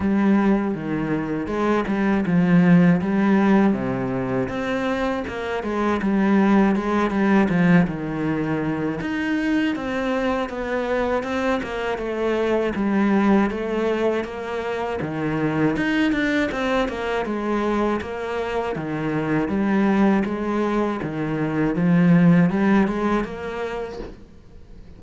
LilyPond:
\new Staff \with { instrumentName = "cello" } { \time 4/4 \tempo 4 = 80 g4 dis4 gis8 g8 f4 | g4 c4 c'4 ais8 gis8 | g4 gis8 g8 f8 dis4. | dis'4 c'4 b4 c'8 ais8 |
a4 g4 a4 ais4 | dis4 dis'8 d'8 c'8 ais8 gis4 | ais4 dis4 g4 gis4 | dis4 f4 g8 gis8 ais4 | }